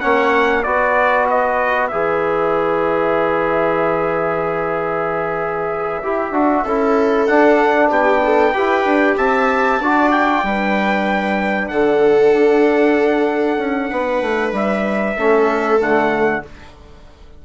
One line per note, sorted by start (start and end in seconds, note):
0.00 0.65 A#3
0.00 0.64 C#4
0.00 0.66 C#5
0.00 0.63 F#5
0.63 1.91 B3
0.63 1.91 F#4
0.63 6.64 B4
0.63 1.26 D5
1.29 1.87 D#5
1.87 6.03 E3
1.87 6.02 G#4
1.87 7.24 E5
6.02 6.31 E4
6.02 6.33 G4
6.31 6.63 D4
6.31 6.65 F#4
6.64 7.28 C#4
6.64 7.28 E4
6.64 7.89 A4
7.26 8.54 D4
7.26 7.90 D4
7.26 7.89 F#5
7.89 8.53 B3
7.89 8.21 G4
7.89 9.17 G5
8.22 8.53 A4
8.53 8.84 E4
8.53 9.80 G4
8.53 9.16 B4
8.84 9.16 D4
9.17 9.80 C4
9.17 9.80 E5
9.17 10.11 A5
9.80 10.43 D4
9.80 10.44 F#4
9.80 10.44 D5
10.11 11.68 G5
10.43 11.69 G3
10.43 15.18 D4
10.43 11.70 B4
11.68 12.33 D3
11.68 13.90 A4
11.68 14.52 F#5
12.33 13.57 D4
13.57 13.89 C#4
13.90 14.21 B3
13.90 15.16 B4
14.21 14.52 A3
14.52 15.15 G3
14.52 15.81 E5
15.16 15.80 A3
15.16 15.79 C#4
15.16 16.42 A4
15.79 16.43 D3
15.79 16.42 A3
15.79 16.44 F#5